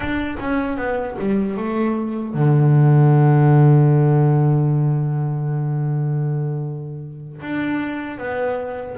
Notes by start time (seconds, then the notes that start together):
0.00 D4
0.40 C#4
0.77 B3
1.19 G3
1.57 A3
2.34 D3
7.41 D4
8.18 B3